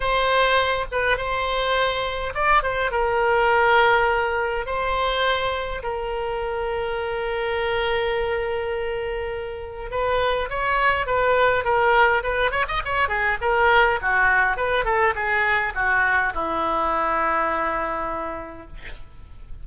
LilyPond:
\new Staff \with { instrumentName = "oboe" } { \time 4/4 \tempo 4 = 103 c''4. b'8 c''2 | d''8 c''8 ais'2. | c''2 ais'2~ | ais'1~ |
ais'4 b'4 cis''4 b'4 | ais'4 b'8 cis''16 dis''16 cis''8 gis'8 ais'4 | fis'4 b'8 a'8 gis'4 fis'4 | e'1 | }